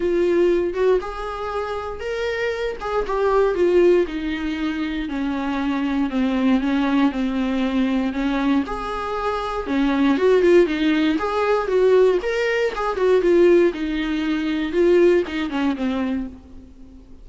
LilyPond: \new Staff \with { instrumentName = "viola" } { \time 4/4 \tempo 4 = 118 f'4. fis'8 gis'2 | ais'4. gis'8 g'4 f'4 | dis'2 cis'2 | c'4 cis'4 c'2 |
cis'4 gis'2 cis'4 | fis'8 f'8 dis'4 gis'4 fis'4 | ais'4 gis'8 fis'8 f'4 dis'4~ | dis'4 f'4 dis'8 cis'8 c'4 | }